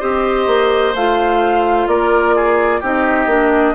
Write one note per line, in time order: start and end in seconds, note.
0.00 0.47 C4
0.00 0.94 G4
0.00 1.88 C5
0.00 0.95 D#5
0.47 0.94 A#3
0.95 1.87 A3
0.95 2.83 F4
0.95 1.88 F5
1.87 2.81 A#3
1.87 2.35 A#4
1.87 2.82 D5
2.35 2.80 G#4
2.80 3.26 C4
2.80 3.29 D#4
2.80 3.74 G4
2.80 3.75 D#5
3.26 3.73 A#3
3.26 3.75 D4